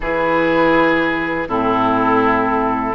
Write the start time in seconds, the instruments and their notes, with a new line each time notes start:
0.00 bassoon E3, clarinet E4, oboe G#4, flute B4
1.48 bassoon A2, clarinet C4, oboe E4, flute A4